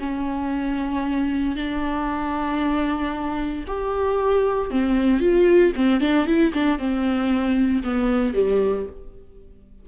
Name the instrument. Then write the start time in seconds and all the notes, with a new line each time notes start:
viola
0.00 C#4
1.56 D4
3.68 G4
4.71 C4
5.21 F4
5.76 C4
6.01 D4
6.27 E4
6.54 D4
6.79 C4
7.84 B3
8.34 G3